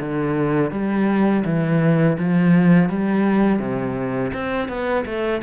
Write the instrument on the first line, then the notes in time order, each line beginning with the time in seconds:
cello
0.00 D3
0.72 G3
1.45 E3
2.19 F3
2.89 G3
3.59 C3
4.34 C4
4.69 B3
5.06 A3